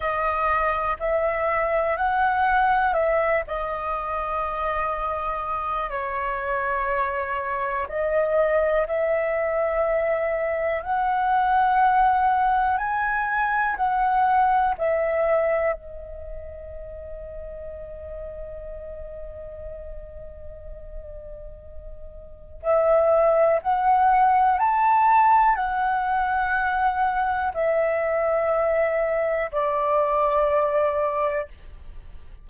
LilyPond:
\new Staff \with { instrumentName = "flute" } { \time 4/4 \tempo 4 = 61 dis''4 e''4 fis''4 e''8 dis''8~ | dis''2 cis''2 | dis''4 e''2 fis''4~ | fis''4 gis''4 fis''4 e''4 |
dis''1~ | dis''2. e''4 | fis''4 a''4 fis''2 | e''2 d''2 | }